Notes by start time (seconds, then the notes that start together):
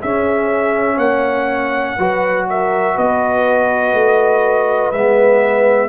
0.00 C#4 G#4 E5
0.94 A#3 C#5 F#5
1.96 F#3 F#4 B4
2.49 A#4 E5
2.94 B3 B4 D#5
3.93 A3
4.91 G#3 B3 E5